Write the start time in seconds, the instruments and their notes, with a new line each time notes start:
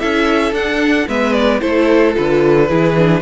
0.00 cello C#4, viola E4, violin A4 E5
0.52 cello D4, viola D4, violin F#5
1.08 cello G#3, viola B3, violin B4 E5
1.33 violin D5
1.61 cello A3, viola E4, violin A4 C5
2.14 cello D3, viola F4, violin B4
2.69 cello E3, viola E4, violin G#4
2.97 viola D4